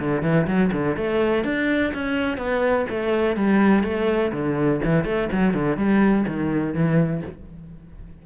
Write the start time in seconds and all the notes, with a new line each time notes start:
0.00 D3
0.23 E3
0.47 F#3
0.73 D3
0.97 A3
1.45 D4
1.94 C#4
2.38 B3
2.90 A3
3.37 G3
3.84 A3
4.33 D3
4.85 E3
5.05 A3
5.32 F#3
5.54 D3
5.77 G3
6.28 D#3
6.74 E3